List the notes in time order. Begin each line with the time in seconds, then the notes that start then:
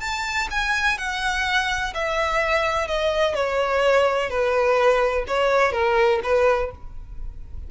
0.00 A5
0.50 G#5
0.98 F#5
1.94 E5
2.87 D#5
3.34 C#5
4.30 B4
5.27 C#5
5.72 A#4
6.23 B4